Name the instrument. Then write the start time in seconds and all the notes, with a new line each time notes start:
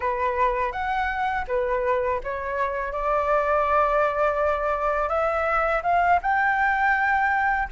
flute
0.00 B4
0.72 F#5
1.47 B4
2.23 C#5
2.92 D5
5.09 E5
5.82 F5
6.22 G5